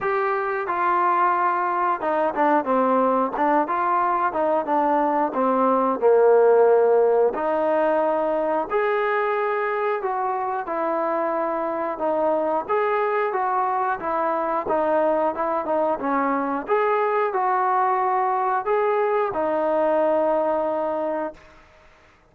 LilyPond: \new Staff \with { instrumentName = "trombone" } { \time 4/4 \tempo 4 = 90 g'4 f'2 dis'8 d'8 | c'4 d'8 f'4 dis'8 d'4 | c'4 ais2 dis'4~ | dis'4 gis'2 fis'4 |
e'2 dis'4 gis'4 | fis'4 e'4 dis'4 e'8 dis'8 | cis'4 gis'4 fis'2 | gis'4 dis'2. | }